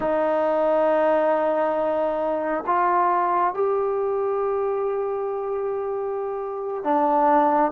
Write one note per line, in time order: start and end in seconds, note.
0.00 2.64 D#4
2.66 3.53 F4
3.53 6.83 G4
6.83 7.71 D4